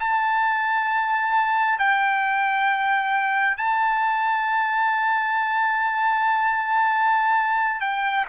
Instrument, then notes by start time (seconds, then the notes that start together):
trumpet
0.00 A5
1.79 G5
3.57 A5
7.81 G5